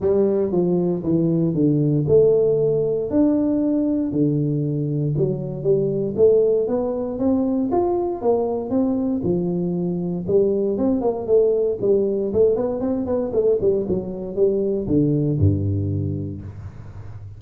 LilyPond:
\new Staff \with { instrumentName = "tuba" } { \time 4/4 \tempo 4 = 117 g4 f4 e4 d4 | a2 d'2 | d2 fis4 g4 | a4 b4 c'4 f'4 |
ais4 c'4 f2 | g4 c'8 ais8 a4 g4 | a8 b8 c'8 b8 a8 g8 fis4 | g4 d4 g,2 | }